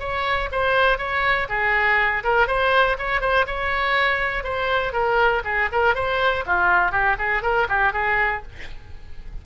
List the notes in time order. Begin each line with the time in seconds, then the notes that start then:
0.00 C#5
0.52 C5
0.98 C#5
1.49 G#4
2.24 A#4
2.47 C5
2.99 C#5
3.21 C5
3.47 C#5
4.44 C5
4.93 A#4
5.45 G#4
5.72 A#4
5.95 C5
6.46 F4
6.92 G4
7.19 G#4
7.43 A#4
7.69 G4
7.93 G#4